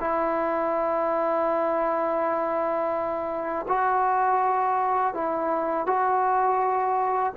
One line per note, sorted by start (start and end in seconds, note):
0.00 3.66 E4
3.68 5.14 F#4
5.14 5.86 E4
5.86 7.33 F#4